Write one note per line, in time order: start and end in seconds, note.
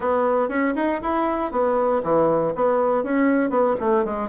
0.00 0.48 B3
0.48 0.73 C#4
0.75 1.00 D#4
1.02 1.51 E4
1.51 2.02 B3
2.03 2.53 E3
2.55 3.03 B3
3.03 3.50 C#4
3.50 3.75 B3
3.80 4.05 A3
4.05 4.28 G#3